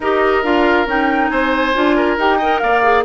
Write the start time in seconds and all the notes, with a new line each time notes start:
0.00 D#4 G4 A#4 D#5
0.43 D4 F4 F5
0.86 C#4 D#4 G5
1.29 C4 C5 G#5
1.74 D4 F4
1.95 A#4
2.17 D#4 G4 G5
2.38 A#4 D#5
2.59 A#3 D5 F5
2.83 G#4